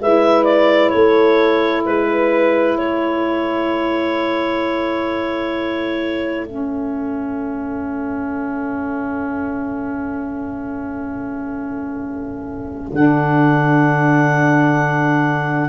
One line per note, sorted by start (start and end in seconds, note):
0.00 0.92 G#3
0.00 6.47 E4
0.00 0.94 B4
0.00 0.45 E5
0.45 0.90 D5
0.90 1.86 A3
0.90 1.86 A4
0.90 1.82 C#5
1.86 2.77 G#3
1.86 2.78 B4
1.86 2.79 B4
2.77 12.92 A3
2.77 15.70 A4
2.77 6.47 C#5
6.47 12.93 C#4
6.47 12.94 E5
12.92 15.69 D3
12.92 15.70 D4
12.92 15.70 F#5